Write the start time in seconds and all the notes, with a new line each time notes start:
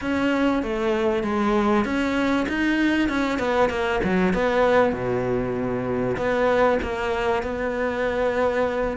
0.01 C#4
0.62 A3
1.23 G#3
1.84 C#4
2.48 D#4
3.08 C#4
3.39 B3
3.69 A#3
4.03 F#3
4.33 B3
4.92 B2
6.16 B3
6.82 A#3
7.43 B3